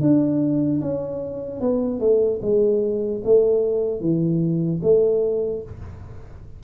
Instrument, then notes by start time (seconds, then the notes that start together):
tuba
0.00 D4
0.81 C#4
1.60 B3
2.00 A3
2.41 G#3
3.24 A3
4.00 E3
4.82 A3